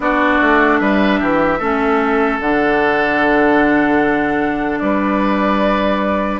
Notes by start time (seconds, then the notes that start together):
0.00 B3 D4 F#4 D5
0.40 A3
0.78 G3 B4 E5
1.19 E3 G4
1.58 A3 C#4 A4
2.40 D3 D4 F#5
4.79 G3 B4 D5